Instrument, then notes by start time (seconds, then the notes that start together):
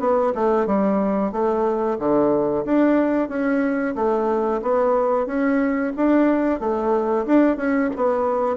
bassoon
0.00 B3
0.35 A3
0.67 G3
1.32 A3
1.99 D3
2.66 D4
3.29 C#4
3.96 A3
4.62 B3
5.27 C#4
5.97 D4
6.60 A3
7.26 D4
7.57 C#4
7.96 B3